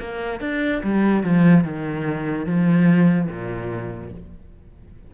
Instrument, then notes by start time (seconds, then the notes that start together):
cello
0.00 A#3
0.41 D4
0.84 G3
1.24 F3
1.64 D#3
2.47 F3
3.29 A#2